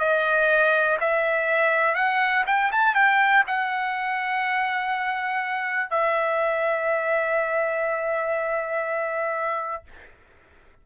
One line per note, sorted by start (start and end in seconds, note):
0.00 0.98 D#5
1.01 1.96 E5
1.96 2.45 F#5
2.47 2.71 G5
2.72 2.95 A5
2.95 3.44 G5
3.47 5.91 F#5
5.91 9.84 E5